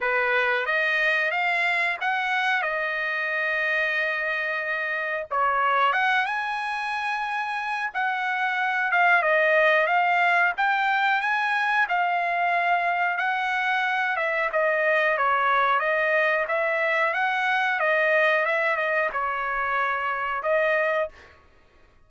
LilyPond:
\new Staff \with { instrumentName = "trumpet" } { \time 4/4 \tempo 4 = 91 b'4 dis''4 f''4 fis''4 | dis''1 | cis''4 fis''8 gis''2~ gis''8 | fis''4. f''8 dis''4 f''4 |
g''4 gis''4 f''2 | fis''4. e''8 dis''4 cis''4 | dis''4 e''4 fis''4 dis''4 | e''8 dis''8 cis''2 dis''4 | }